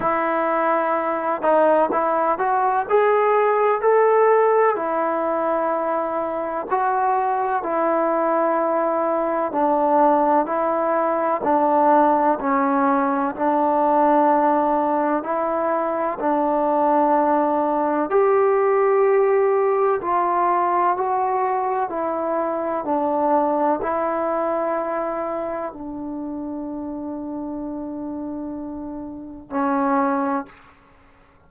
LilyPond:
\new Staff \with { instrumentName = "trombone" } { \time 4/4 \tempo 4 = 63 e'4. dis'8 e'8 fis'8 gis'4 | a'4 e'2 fis'4 | e'2 d'4 e'4 | d'4 cis'4 d'2 |
e'4 d'2 g'4~ | g'4 f'4 fis'4 e'4 | d'4 e'2 d'4~ | d'2. cis'4 | }